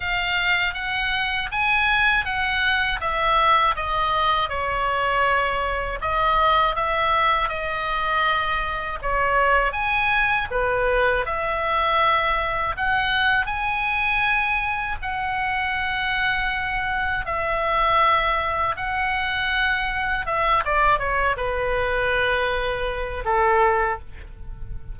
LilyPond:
\new Staff \with { instrumentName = "oboe" } { \time 4/4 \tempo 4 = 80 f''4 fis''4 gis''4 fis''4 | e''4 dis''4 cis''2 | dis''4 e''4 dis''2 | cis''4 gis''4 b'4 e''4~ |
e''4 fis''4 gis''2 | fis''2. e''4~ | e''4 fis''2 e''8 d''8 | cis''8 b'2~ b'8 a'4 | }